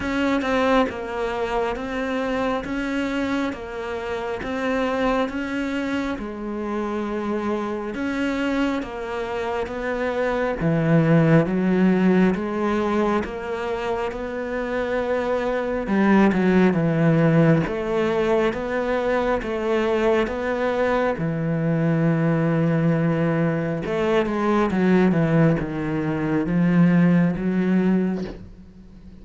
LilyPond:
\new Staff \with { instrumentName = "cello" } { \time 4/4 \tempo 4 = 68 cis'8 c'8 ais4 c'4 cis'4 | ais4 c'4 cis'4 gis4~ | gis4 cis'4 ais4 b4 | e4 fis4 gis4 ais4 |
b2 g8 fis8 e4 | a4 b4 a4 b4 | e2. a8 gis8 | fis8 e8 dis4 f4 fis4 | }